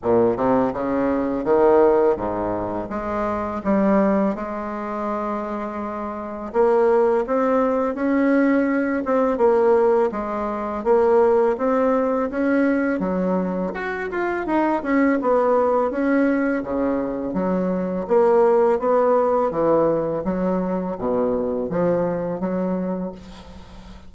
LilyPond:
\new Staff \with { instrumentName = "bassoon" } { \time 4/4 \tempo 4 = 83 ais,8 c8 cis4 dis4 gis,4 | gis4 g4 gis2~ | gis4 ais4 c'4 cis'4~ | cis'8 c'8 ais4 gis4 ais4 |
c'4 cis'4 fis4 fis'8 f'8 | dis'8 cis'8 b4 cis'4 cis4 | fis4 ais4 b4 e4 | fis4 b,4 f4 fis4 | }